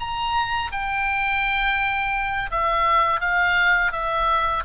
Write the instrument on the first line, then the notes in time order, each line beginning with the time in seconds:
oboe
0.00 A#5
0.72 G5
2.51 E5
3.20 F5
3.92 E5